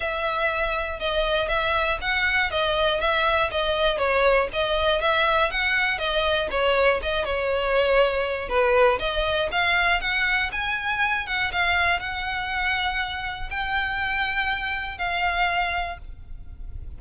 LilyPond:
\new Staff \with { instrumentName = "violin" } { \time 4/4 \tempo 4 = 120 e''2 dis''4 e''4 | fis''4 dis''4 e''4 dis''4 | cis''4 dis''4 e''4 fis''4 | dis''4 cis''4 dis''8 cis''4.~ |
cis''4 b'4 dis''4 f''4 | fis''4 gis''4. fis''8 f''4 | fis''2. g''4~ | g''2 f''2 | }